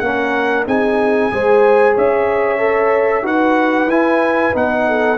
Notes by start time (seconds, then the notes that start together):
0.00 A#3 C#4 A#4 F#5
0.67 C4 D#4 G#4 G#5
1.32 G#3 G#4 C5
1.94 C#4 C#5 E5
2.58 A4
3.23 D#4 F#4 B4 F#5
3.87 E4 G#5
4.53 B3 D#4 F#5
4.87 A4